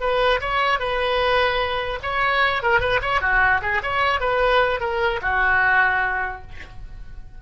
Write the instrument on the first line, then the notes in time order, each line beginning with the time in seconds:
oboe
0.00 B4
0.40 C#5
0.79 B4
2.02 C#5
2.62 A#4
2.80 B4
3.01 C#5
3.21 F#4
3.61 G#4
3.82 C#5
4.20 B4
4.80 A#4
5.21 F#4